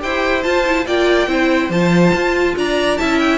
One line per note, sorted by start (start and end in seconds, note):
0.00 0.46 E4
0.00 0.42 G4
0.00 0.87 C5
0.00 0.44 G5
0.44 0.65 F4
0.44 0.86 F4
0.44 0.86 A5
0.66 0.87 E4
0.86 1.28 A#3
0.86 1.28 F4
0.86 1.29 D5
0.86 1.71 G5
1.28 1.70 C4
1.28 1.71 E4
1.28 2.56 C5
1.70 2.12 F3
1.70 2.99 F4
1.70 2.56 A5
2.14 2.56 F4
2.57 2.99 D4
2.57 3.00 D5
2.57 2.98 A#5
2.98 3.38 C#4
2.98 3.38 E4
2.98 3.38 E5
2.98 3.19 A5
3.20 3.38 G5